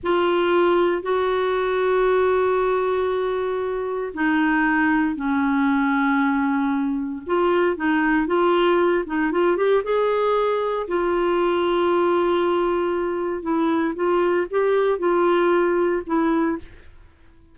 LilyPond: \new Staff \with { instrumentName = "clarinet" } { \time 4/4 \tempo 4 = 116 f'2 fis'2~ | fis'1 | dis'2 cis'2~ | cis'2 f'4 dis'4 |
f'4. dis'8 f'8 g'8 gis'4~ | gis'4 f'2.~ | f'2 e'4 f'4 | g'4 f'2 e'4 | }